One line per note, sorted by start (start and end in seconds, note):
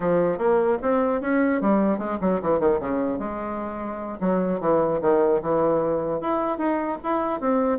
0.00 0.37 F3
0.37 0.77 A#3
0.81 1.21 C4
1.21 1.61 C#4
1.61 1.98 G3
1.98 2.18 G#3
2.20 2.40 F#3
2.41 2.59 E3
2.59 2.79 D#3
2.79 3.19 C#3
3.19 4.19 G#3
4.20 4.60 F#3
4.60 5.00 E3
5.01 5.41 D#3
5.42 6.20 E3
6.20 6.58 E4
6.58 6.98 D#4
7.03 7.40 E4
7.40 7.79 C4